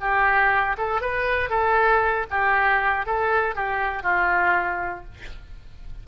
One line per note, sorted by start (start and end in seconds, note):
0.00 0.76 G4
0.77 1.01 A4
1.01 1.49 B4
1.49 2.26 A4
2.30 3.05 G4
3.05 3.55 A4
3.55 4.02 G4
4.02 5.04 F4